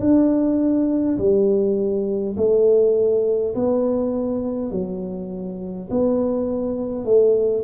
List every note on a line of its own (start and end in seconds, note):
0.00 1.18 D4
1.18 2.35 G3
2.37 3.55 A3
3.55 4.71 B3
4.71 5.89 F#3
5.90 7.05 B3
7.05 7.64 A3